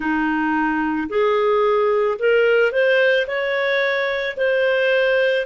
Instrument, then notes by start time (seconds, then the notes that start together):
clarinet
0.00 D#4
1.09 G#4
2.18 A#4
2.72 C5
3.27 C#5
4.36 C5